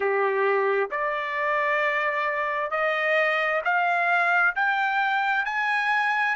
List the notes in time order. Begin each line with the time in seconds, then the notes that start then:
0.00 G4
0.90 D5
2.70 D#5
3.64 F5
4.55 G5
5.45 G#5